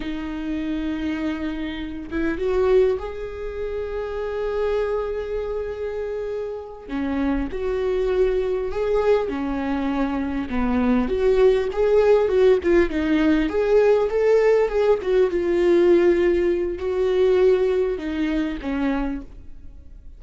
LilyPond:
\new Staff \with { instrumentName = "viola" } { \time 4/4 \tempo 4 = 100 dis'2.~ dis'8 e'8 | fis'4 gis'2.~ | gis'2.~ gis'8 cis'8~ | cis'8 fis'2 gis'4 cis'8~ |
cis'4. b4 fis'4 gis'8~ | gis'8 fis'8 f'8 dis'4 gis'4 a'8~ | a'8 gis'8 fis'8 f'2~ f'8 | fis'2 dis'4 cis'4 | }